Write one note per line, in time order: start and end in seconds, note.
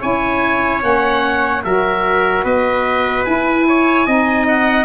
0.00 0.83 C#4
0.00 0.80 E4
0.00 1.62 C#5
0.00 0.83 G#5
0.80 1.64 A#3
0.80 1.61 C#4
0.80 1.64 F#5
1.64 2.44 F#3
1.64 3.26 F#4
1.64 2.44 A#4
1.64 2.45 E5
2.44 3.25 B3
2.44 3.66 B4
2.44 3.25 D#5
3.25 4.07 E4
3.25 4.46 G#5
3.68 4.06 C#5
4.06 4.85 C4
4.06 4.85 D#4
4.06 4.85 D#5
4.48 4.85 F#5